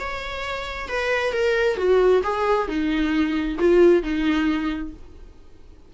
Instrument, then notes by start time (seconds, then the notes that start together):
viola
0.00 C#5
0.89 B4
1.33 A#4
1.77 F#4
2.24 G#4
2.68 D#4
3.59 F4
4.03 D#4